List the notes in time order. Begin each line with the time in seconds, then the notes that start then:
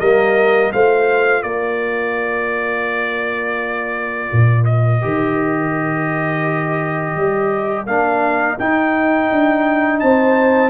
0.00 G3 A#3 A#4 D#5
0.72 A3 F4 C5 F5
1.43 A#3 A#4 D5
4.32 A#2
4.65 D#5
5.01 D#3 G4
7.16 G3
7.86 A#3 D4 F5
8.59 D#4 G5
9.32 D4
10.00 C4 C5 A5